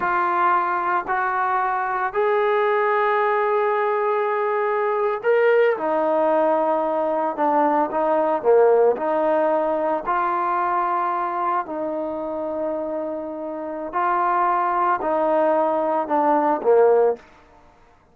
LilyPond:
\new Staff \with { instrumentName = "trombone" } { \time 4/4 \tempo 4 = 112 f'2 fis'2 | gis'1~ | gis'4.~ gis'16 ais'4 dis'4~ dis'16~ | dis'4.~ dis'16 d'4 dis'4 ais16~ |
ais8. dis'2 f'4~ f'16~ | f'4.~ f'16 dis'2~ dis'16~ | dis'2 f'2 | dis'2 d'4 ais4 | }